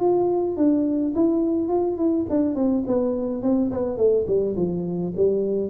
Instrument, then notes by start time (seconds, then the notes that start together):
tuba
0.00 F4
0.57 D4
1.16 E4
1.69 F4
1.98 E4
2.30 D4
2.56 C4
2.87 B3
3.43 C4
3.72 B3
3.98 A3
4.28 G3
4.57 F3
5.17 G3